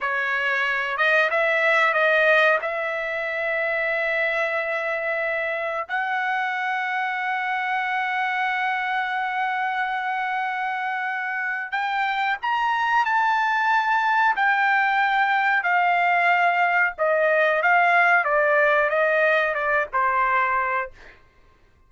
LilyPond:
\new Staff \with { instrumentName = "trumpet" } { \time 4/4 \tempo 4 = 92 cis''4. dis''8 e''4 dis''4 | e''1~ | e''4 fis''2.~ | fis''1~ |
fis''2 g''4 ais''4 | a''2 g''2 | f''2 dis''4 f''4 | d''4 dis''4 d''8 c''4. | }